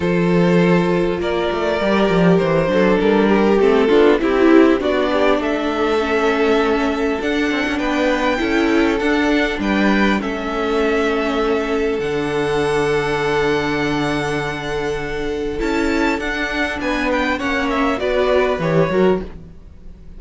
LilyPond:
<<
  \new Staff \with { instrumentName = "violin" } { \time 4/4 \tempo 4 = 100 c''2 d''2 | c''4 ais'4 a'4 g'4 | d''4 e''2. | fis''4 g''2 fis''4 |
g''4 e''2. | fis''1~ | fis''2 a''4 fis''4 | gis''8 g''8 fis''8 e''8 d''4 cis''4 | }
  \new Staff \with { instrumentName = "violin" } { \time 4/4 a'2 ais'2~ | ais'8 a'4 g'4 f'8 e'4 | fis'8 g'8 a'2.~ | a'4 b'4 a'2 |
b'4 a'2.~ | a'1~ | a'1 | b'4 cis''4 b'4. ais'8 | }
  \new Staff \with { instrumentName = "viola" } { \time 4/4 f'2. g'4~ | g'8 d'4. c'8 d'8 e'4 | d'2 cis'2 | d'2 e'4 d'4~ |
d'4 cis'2. | d'1~ | d'2 e'4 d'4~ | d'4 cis'4 fis'4 g'8 fis'8 | }
  \new Staff \with { instrumentName = "cello" } { \time 4/4 f2 ais8 a8 g8 f8 | e8 fis8 g4 a8 b8 c'4 | b4 a2. | d'8 c'16 cis'16 b4 cis'4 d'4 |
g4 a2. | d1~ | d2 cis'4 d'4 | b4 ais4 b4 e8 fis8 | }
>>